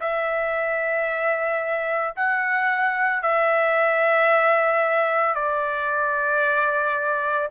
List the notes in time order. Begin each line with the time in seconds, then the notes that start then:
0.00 E5
2.16 F#5
3.22 E5
5.34 D5